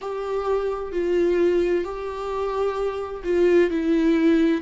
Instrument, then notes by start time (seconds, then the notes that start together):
viola
0.01 G4
0.92 F4
1.84 G4
3.23 F4
3.70 E4